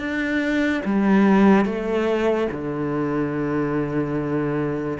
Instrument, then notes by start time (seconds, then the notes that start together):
cello
0.00 D4
0.86 G3
1.66 A3
2.52 D3